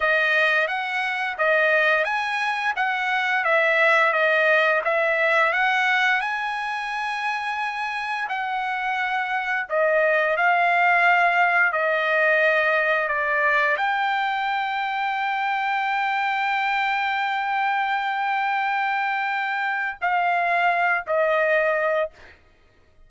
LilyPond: \new Staff \with { instrumentName = "trumpet" } { \time 4/4 \tempo 4 = 87 dis''4 fis''4 dis''4 gis''4 | fis''4 e''4 dis''4 e''4 | fis''4 gis''2. | fis''2 dis''4 f''4~ |
f''4 dis''2 d''4 | g''1~ | g''1~ | g''4 f''4. dis''4. | }